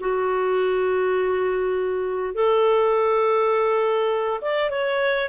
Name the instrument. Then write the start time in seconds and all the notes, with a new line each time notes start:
clarinet
0.00 F#4
2.34 A4
4.41 D5
4.70 C#5